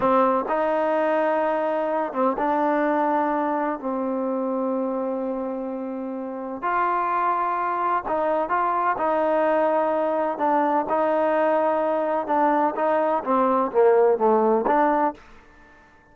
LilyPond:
\new Staff \with { instrumentName = "trombone" } { \time 4/4 \tempo 4 = 127 c'4 dis'2.~ | dis'8 c'8 d'2. | c'1~ | c'2 f'2~ |
f'4 dis'4 f'4 dis'4~ | dis'2 d'4 dis'4~ | dis'2 d'4 dis'4 | c'4 ais4 a4 d'4 | }